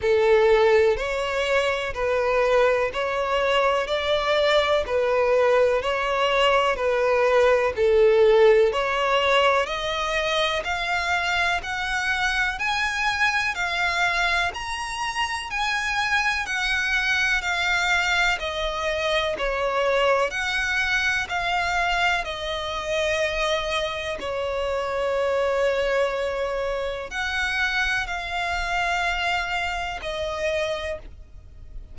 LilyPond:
\new Staff \with { instrumentName = "violin" } { \time 4/4 \tempo 4 = 62 a'4 cis''4 b'4 cis''4 | d''4 b'4 cis''4 b'4 | a'4 cis''4 dis''4 f''4 | fis''4 gis''4 f''4 ais''4 |
gis''4 fis''4 f''4 dis''4 | cis''4 fis''4 f''4 dis''4~ | dis''4 cis''2. | fis''4 f''2 dis''4 | }